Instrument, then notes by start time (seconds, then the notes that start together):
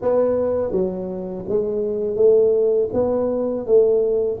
tuba
0.01 B3
0.71 F#3
1.48 G#3
2.16 A3
2.93 B3
3.66 A3